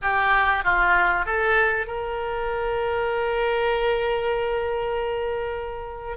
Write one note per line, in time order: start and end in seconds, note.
0.02 0.64 G4
0.64 1.25 F4
1.25 1.87 A4
1.87 6.17 A#4